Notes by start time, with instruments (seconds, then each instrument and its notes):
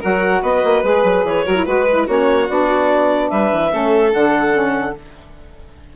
0.00 bassoon F#3, saxophone F#4, violin A#4, clarinet F#5
0.41 bassoon B3, violin B4, clarinet D#5
0.64 bassoon A#3
0.83 bassoon G#3, saxophone G#4, clarinet B4
1.03 bassoon F#3
1.23 bassoon E3, clarinet C#5
1.45 bassoon F#3, saxophone F#4, violin A#4
1.55 saxophone E4
1.65 bassoon G#3, saxophone F#4, violin B4, clarinet B4
1.89 saxophone E4
2.06 bassoon A#3, saxophone C#4, violin F#4, clarinet C#5
2.48 bassoon B3, saxophone D4, clarinet D5
3.29 bassoon G3, violin B4, clarinet E5
3.51 bassoon E3
3.70 bassoon A3, saxophone C#4, violin A4
4.12 bassoon D3, saxophone D4, clarinet F#5
4.52 saxophone C#4